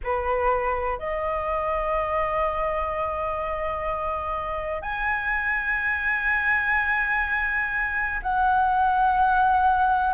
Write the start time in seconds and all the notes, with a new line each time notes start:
0.03 B4
0.98 D#5
4.82 G#5
8.22 F#5